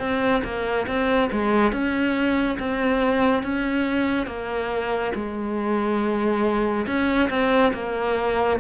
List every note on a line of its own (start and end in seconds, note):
0.00 0.43 C4
0.44 0.87 A#3
0.88 1.31 C4
1.32 1.73 G#3
1.73 2.58 C#4
2.59 3.43 C4
3.43 4.27 C#4
4.27 5.13 A#3
5.15 6.87 G#3
6.87 7.30 C#4
7.31 7.73 C4
7.74 8.60 A#3